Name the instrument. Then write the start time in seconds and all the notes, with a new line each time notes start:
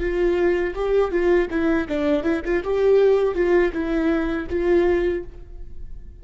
viola
0.00 F4
0.74 G4
1.11 F4
1.50 E4
1.88 D4
2.23 E4
2.44 F4
2.63 G4
3.35 F4
3.72 E4
4.49 F4